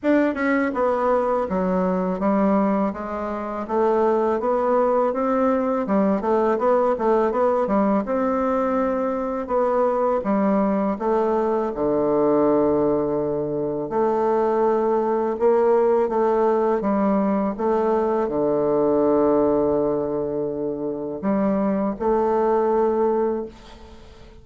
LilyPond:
\new Staff \with { instrumentName = "bassoon" } { \time 4/4 \tempo 4 = 82 d'8 cis'8 b4 fis4 g4 | gis4 a4 b4 c'4 | g8 a8 b8 a8 b8 g8 c'4~ | c'4 b4 g4 a4 |
d2. a4~ | a4 ais4 a4 g4 | a4 d2.~ | d4 g4 a2 | }